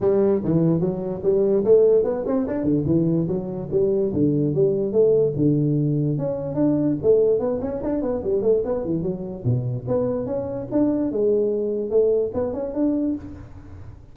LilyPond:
\new Staff \with { instrumentName = "tuba" } { \time 4/4 \tempo 4 = 146 g4 e4 fis4 g4 | a4 b8 c'8 d'8 d8 e4 | fis4 g4 d4 g4 | a4 d2 cis'4 |
d'4 a4 b8 cis'8 d'8 b8 | g8 a8 b8 e8 fis4 b,4 | b4 cis'4 d'4 gis4~ | gis4 a4 b8 cis'8 d'4 | }